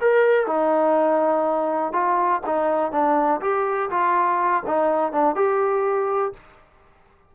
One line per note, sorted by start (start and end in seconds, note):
0.00 0.46 A#4
0.46 1.92 D#4
1.92 2.41 F4
2.46 2.91 D#4
2.91 3.40 D4
3.41 3.90 G4
3.90 4.63 F4
4.66 5.12 D#4
5.12 5.35 D4
5.35 6.33 G4